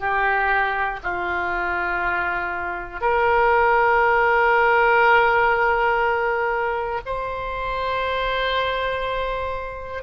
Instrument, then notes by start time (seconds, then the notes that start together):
oboe
0.00 G4
1.03 F4
3.01 A#4
7.06 C5